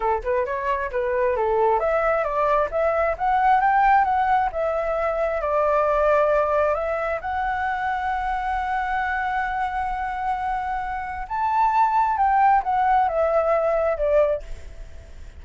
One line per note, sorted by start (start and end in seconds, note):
0.00 0.22 A4
0.23 0.45 B4
0.45 0.90 C#5
0.91 1.36 B4
1.36 1.79 A4
1.79 2.23 E5
2.23 2.68 D5
2.71 3.16 E5
3.17 3.60 F#5
3.60 4.04 G5
4.04 4.49 F#5
4.52 5.41 E5
5.41 6.74 D5
6.74 7.19 E5
7.21 11.27 F#5
11.28 12.17 A5
12.17 12.62 G5
12.63 13.08 F#5
13.08 13.97 E5
13.97 14.42 D5